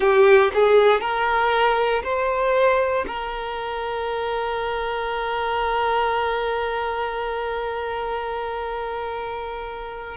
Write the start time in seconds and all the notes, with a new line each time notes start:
0.00 G4
0.54 G#4
1.00 A#4
2.03 C5
3.07 A#4